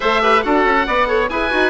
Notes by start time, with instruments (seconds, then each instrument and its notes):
0.00 bassoon A3, viola A4, oboe C5 E5
0.21 viola G4, oboe B4
0.42 bassoon D4, viola F#4, oboe A4 F#5
0.64 bassoon C#4
0.86 bassoon B3, viola B4, oboe D5
1.06 viola A4, oboe C#5
1.29 bassoon E4, viola G#4, oboe B4 G#5
1.50 bassoon D#4, viola F#4